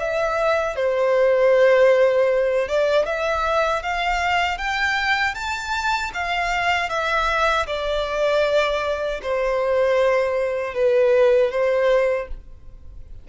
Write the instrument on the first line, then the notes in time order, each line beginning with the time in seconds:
violin
0.00 E5
0.76 C5
2.69 D5
3.06 E5
3.83 F5
4.58 G5
5.35 A5
6.14 F5
6.90 E5
7.67 D5
9.22 C5
10.74 B4
11.51 C5